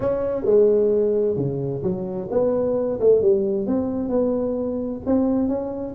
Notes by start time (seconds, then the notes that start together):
0.00 C#4
0.45 G#3
1.36 C#3
1.82 F#3
2.30 B3
2.99 A3
3.21 G3
3.66 C4
4.09 B3
5.06 C4
5.48 C#4